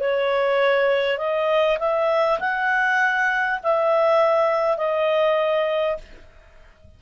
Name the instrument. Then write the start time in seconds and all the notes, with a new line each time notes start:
clarinet
0.00 C#5
1.17 D#5
1.79 E5
2.39 F#5
3.63 E5
4.77 D#5